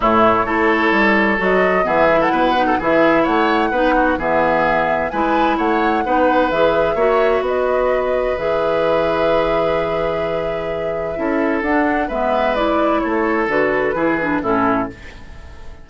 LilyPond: <<
  \new Staff \with { instrumentName = "flute" } { \time 4/4 \tempo 4 = 129 cis''2. dis''4 | e''8. fis''4~ fis''16 e''4 fis''4~ | fis''4 e''2 gis''4 | fis''2 e''2 |
dis''2 e''2~ | e''1~ | e''4 fis''4 e''4 d''4 | cis''4 b'2 a'4 | }
  \new Staff \with { instrumentName = "oboe" } { \time 4/4 e'4 a'2. | gis'8. a'16 b'8. a'16 gis'4 cis''4 | b'8 fis'8 gis'2 b'4 | cis''4 b'2 cis''4 |
b'1~ | b'1 | a'2 b'2 | a'2 gis'4 e'4 | }
  \new Staff \with { instrumentName = "clarinet" } { \time 4/4 a4 e'2 fis'4 | b8 e'4 dis'8 e'2 | dis'4 b2 e'4~ | e'4 dis'4 gis'4 fis'4~ |
fis'2 gis'2~ | gis'1 | e'4 d'4 b4 e'4~ | e'4 fis'4 e'8 d'8 cis'4 | }
  \new Staff \with { instrumentName = "bassoon" } { \time 4/4 a,4 a4 g4 fis4 | e4 b,4 e4 a4 | b4 e2 gis4 | a4 b4 e4 ais4 |
b2 e2~ | e1 | cis'4 d'4 gis2 | a4 d4 e4 a,4 | }
>>